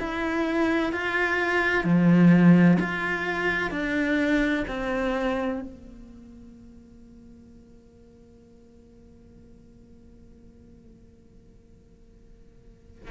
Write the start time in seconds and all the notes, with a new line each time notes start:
0.00 E4
0.93 F4
1.85 F3
2.80 F4
3.72 D4
4.68 C4
5.62 A#3